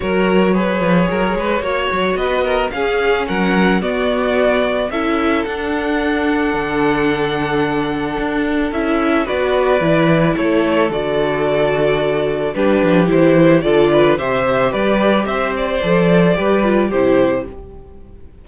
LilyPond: <<
  \new Staff \with { instrumentName = "violin" } { \time 4/4 \tempo 4 = 110 cis''1 | dis''4 f''4 fis''4 d''4~ | d''4 e''4 fis''2~ | fis''1 |
e''4 d''2 cis''4 | d''2. b'4 | c''4 d''4 e''4 d''4 | e''8 d''2~ d''8 c''4 | }
  \new Staff \with { instrumentName = "violin" } { \time 4/4 ais'4 b'4 ais'8 b'8 cis''4 | b'8 ais'8 gis'4 ais'4 fis'4~ | fis'4 a'2.~ | a'1~ |
a'4 b'2 a'4~ | a'2. g'4~ | g'4 a'8 b'8 c''4 b'4 | c''2 b'4 g'4 | }
  \new Staff \with { instrumentName = "viola" } { \time 4/4 fis'4 gis'2 fis'4~ | fis'4 cis'2 b4~ | b4 e'4 d'2~ | d'1 |
e'4 fis'4 e'2 | fis'2. d'4 | e'4 f'4 g'2~ | g'4 a'4 g'8 f'8 e'4 | }
  \new Staff \with { instrumentName = "cello" } { \time 4/4 fis4. f8 fis8 gis8 ais8 fis8 | b4 cis'4 fis4 b4~ | b4 cis'4 d'2 | d2. d'4 |
cis'4 b4 e4 a4 | d2. g8 f8 | e4 d4 c4 g4 | c'4 f4 g4 c4 | }
>>